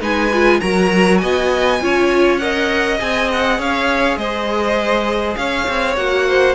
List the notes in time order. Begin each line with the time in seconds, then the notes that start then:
0.00 G#3 D#4 B4 G#5
0.32 F4
0.60 F#3 F#4 A#4 A#5
1.17 B3 D#5 G#5
1.80 C#4 F4 C#5
2.38 A#4 D#5 F#5
2.98 C4 G#4 G#5
3.32 F#5
3.58 C#4 C#5 F5
4.16 G#3 C5 D#5
5.36 C#4 C#5 F5
5.68 C4
5.96 A#3 F#4 F#5
6.28 C5